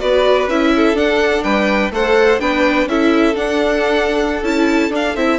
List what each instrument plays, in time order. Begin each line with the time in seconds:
0.00 bassoon B3, viola F#4, violin B4 D5
0.48 bassoon C#4, viola E4, violin E5
0.76 violin A4
0.94 bassoon D4, viola D4, violin F#5
1.44 bassoon G3, violin B4 G5
1.91 bassoon A3, viola A4, violin C5 F#5
2.40 bassoon B3, viola D4, violin B4 G5
2.86 bassoon C#4, viola E4, violin A4 E5
3.34 viola D4, bassoon D4, violin F#5
4.42 bassoon C#4, viola E4, violin A5
4.90 bassoon D4, viola D4
4.96 violin F5
5.16 bassoon C4, viola E4, violin E5